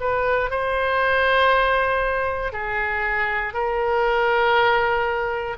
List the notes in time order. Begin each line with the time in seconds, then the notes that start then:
0.00 B4
0.50 C5
2.53 G#4
3.54 A#4